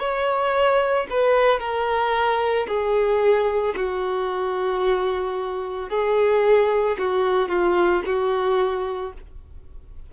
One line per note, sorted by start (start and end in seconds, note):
0.00 1.07 C#5
1.11 1.60 B4
1.60 2.67 A#4
2.68 3.75 G#4
3.76 5.90 F#4
5.90 6.97 G#4
6.98 7.49 F#4
7.49 8.03 F4
8.06 9.13 F#4